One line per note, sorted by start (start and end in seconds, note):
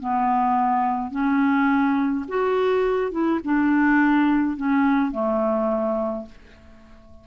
0.00 1.11 B3
1.11 2.25 C#4
2.29 3.12 F#4
3.12 3.40 E4
3.45 4.57 D4
4.57 5.12 C#4
5.12 6.26 A3